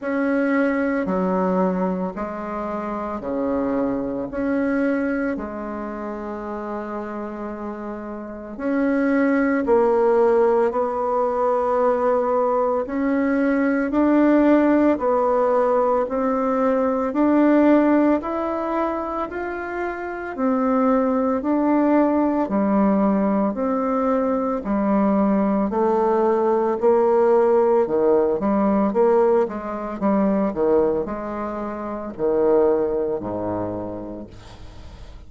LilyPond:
\new Staff \with { instrumentName = "bassoon" } { \time 4/4 \tempo 4 = 56 cis'4 fis4 gis4 cis4 | cis'4 gis2. | cis'4 ais4 b2 | cis'4 d'4 b4 c'4 |
d'4 e'4 f'4 c'4 | d'4 g4 c'4 g4 | a4 ais4 dis8 g8 ais8 gis8 | g8 dis8 gis4 dis4 gis,4 | }